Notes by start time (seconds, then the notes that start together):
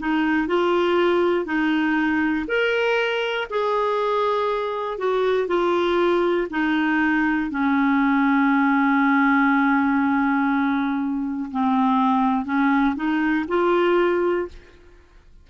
0.00 D#4
0.48 F4
1.46 D#4
2.48 A#4
3.50 G#4
4.99 F#4
5.48 F4
6.50 D#4
7.51 C#4
11.51 C4
12.45 C#4
12.96 D#4
13.49 F4